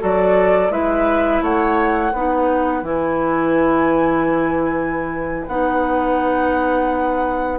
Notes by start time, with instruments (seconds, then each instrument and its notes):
0.00 bassoon F#3, clarinet F#4, oboe A4, flute D5
0.70 bassoon G#3, clarinet E4, oboe B4, flute E5
1.41 bassoon A3, oboe C#5, flute F#5
2.12 bassoon B3, clarinet D#4, oboe B4
2.82 bassoon E3, clarinet E4, flute G#5
5.47 bassoon B3, clarinet D#4, flute F#5